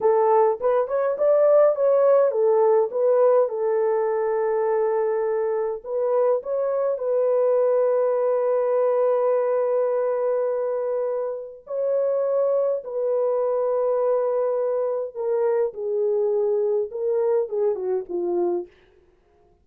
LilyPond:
\new Staff \with { instrumentName = "horn" } { \time 4/4 \tempo 4 = 103 a'4 b'8 cis''8 d''4 cis''4 | a'4 b'4 a'2~ | a'2 b'4 cis''4 | b'1~ |
b'1 | cis''2 b'2~ | b'2 ais'4 gis'4~ | gis'4 ais'4 gis'8 fis'8 f'4 | }